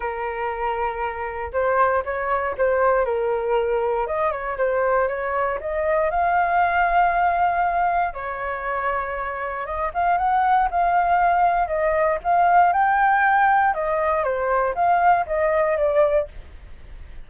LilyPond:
\new Staff \with { instrumentName = "flute" } { \time 4/4 \tempo 4 = 118 ais'2. c''4 | cis''4 c''4 ais'2 | dis''8 cis''8 c''4 cis''4 dis''4 | f''1 |
cis''2. dis''8 f''8 | fis''4 f''2 dis''4 | f''4 g''2 dis''4 | c''4 f''4 dis''4 d''4 | }